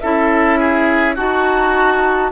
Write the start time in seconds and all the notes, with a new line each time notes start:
0.00 C#4 E4 A4 E5
0.59 G#4
1.15 D#4 F#4 A5